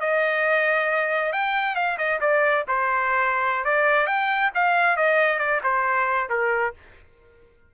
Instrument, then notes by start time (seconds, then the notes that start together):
trumpet
0.00 D#5
1.33 G5
1.75 F5
1.98 D#5
2.20 D5
2.68 C5
3.65 D5
4.06 G5
4.54 F5
4.97 D#5
5.39 D5
5.63 C5
6.29 A#4